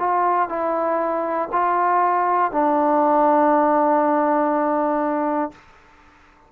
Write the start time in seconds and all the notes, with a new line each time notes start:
0.00 F4
0.50 E4
1.53 F4
2.52 D4